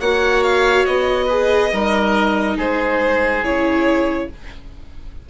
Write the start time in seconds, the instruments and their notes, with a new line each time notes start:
0.00 bassoon A#3, viola F#4, oboe C#5, violin F#5
0.43 violin F5
0.85 bassoon B3, violin D#5
1.26 viola G#4, oboe B4
1.72 bassoon G3, viola D#4, oboe A#4
2.56 bassoon G#3, oboe G#4, violin C5
3.42 bassoon C#3, viola E4, violin C#5